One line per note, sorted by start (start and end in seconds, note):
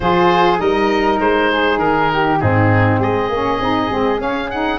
0.00 0.58 F3
0.00 0.57 F4
0.00 0.60 G#4
0.00 0.59 C5
0.57 1.19 G3
0.57 2.37 D#4
0.57 1.51 A#4
0.57 1.19 D#5
1.19 1.78 G#3
1.19 1.79 C5
1.51 2.11 G#4
1.78 2.38 D#3
1.78 2.39 A#4
2.13 2.41 G4
2.39 2.99 G#2
2.39 3.30 C4
2.39 2.99 D#4
2.39 2.99 G#4
2.99 3.29 G#3
2.99 4.79 G#4
2.99 4.21 D#5
3.29 3.59 A#3
3.29 3.61 C#4
3.60 3.90 C4
3.60 3.90 D#4
3.90 4.18 G#3
3.90 4.17 C4
4.17 4.47 C#4
4.17 4.78 C#4
4.17 4.50 F5
4.50 4.79 D#4
4.50 4.79 F#5